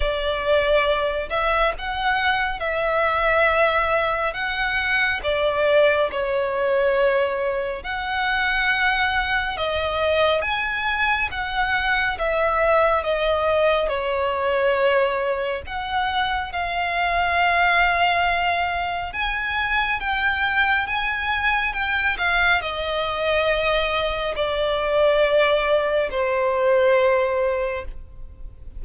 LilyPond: \new Staff \with { instrumentName = "violin" } { \time 4/4 \tempo 4 = 69 d''4. e''8 fis''4 e''4~ | e''4 fis''4 d''4 cis''4~ | cis''4 fis''2 dis''4 | gis''4 fis''4 e''4 dis''4 |
cis''2 fis''4 f''4~ | f''2 gis''4 g''4 | gis''4 g''8 f''8 dis''2 | d''2 c''2 | }